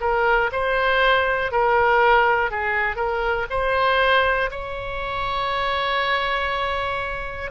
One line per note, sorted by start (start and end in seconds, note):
0.00 0.50 A#4
0.51 1.51 C5
1.51 2.50 A#4
2.50 2.95 G#4
2.95 3.45 A#4
3.50 4.50 C5
4.50 7.50 C#5